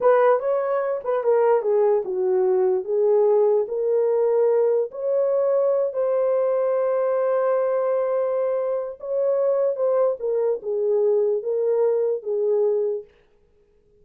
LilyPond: \new Staff \with { instrumentName = "horn" } { \time 4/4 \tempo 4 = 147 b'4 cis''4. b'8 ais'4 | gis'4 fis'2 gis'4~ | gis'4 ais'2. | cis''2~ cis''8 c''4.~ |
c''1~ | c''2 cis''2 | c''4 ais'4 gis'2 | ais'2 gis'2 | }